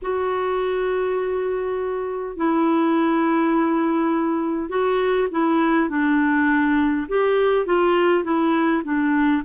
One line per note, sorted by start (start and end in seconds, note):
0.02 2.36 F#4
2.36 4.69 E4
4.69 5.28 F#4
5.30 5.89 E4
5.89 7.06 D4
7.08 7.66 G4
7.66 8.24 F4
8.24 8.82 E4
8.83 9.42 D4